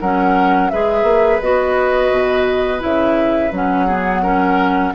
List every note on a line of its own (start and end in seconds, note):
0.00 0.72 F#3
0.00 0.72 C#4
0.00 0.72 A#4
0.00 0.70 F#5
0.70 1.03 G#3
0.70 1.43 G#4
0.70 3.86 B4
0.70 1.41 E5
1.03 1.39 A#3
1.41 2.11 B3
1.41 2.80 F#4
1.41 2.82 D#5
2.11 2.82 B2
2.80 3.52 C#3
2.80 3.50 E4
2.80 3.54 E5
3.52 4.93 F#3
3.52 3.89 C#4
3.52 4.95 F#5
3.86 4.24 B3
3.86 4.22 G#4
4.23 4.94 C#4
4.23 4.94 A#4